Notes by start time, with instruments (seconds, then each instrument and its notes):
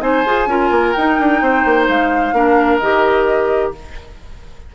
0.00 bassoon C4, clarinet D#4, oboe C5, flute G#5
0.25 bassoon F4, clarinet G#4
0.46 bassoon C#4, clarinet F4, oboe A#4
0.70 bassoon A#3
0.92 bassoon D#4, clarinet D#4, flute G5
1.19 bassoon D4
1.41 bassoon C4, oboe C5
1.65 bassoon A#3
1.88 bassoon G#3, flute F5
2.32 bassoon A#3, clarinet D4, oboe A#4
2.78 bassoon D#3, clarinet G4, flute D#5